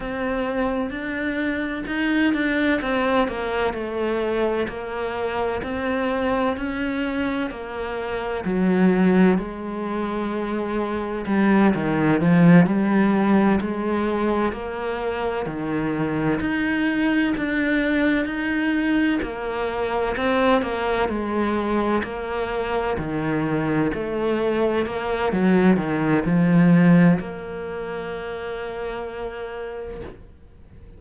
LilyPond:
\new Staff \with { instrumentName = "cello" } { \time 4/4 \tempo 4 = 64 c'4 d'4 dis'8 d'8 c'8 ais8 | a4 ais4 c'4 cis'4 | ais4 fis4 gis2 | g8 dis8 f8 g4 gis4 ais8~ |
ais8 dis4 dis'4 d'4 dis'8~ | dis'8 ais4 c'8 ais8 gis4 ais8~ | ais8 dis4 a4 ais8 fis8 dis8 | f4 ais2. | }